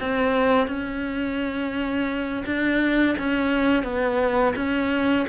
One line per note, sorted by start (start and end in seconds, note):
0.00 0.67 C4
0.67 2.44 C#4
2.46 3.16 D4
3.18 3.83 C#4
3.83 4.54 B3
4.56 5.26 C#4